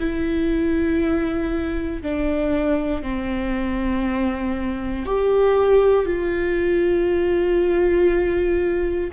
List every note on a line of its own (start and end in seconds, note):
0.00 2.03 E4
2.03 3.03 D4
3.03 5.06 C4
5.06 6.06 G4
6.06 9.11 F4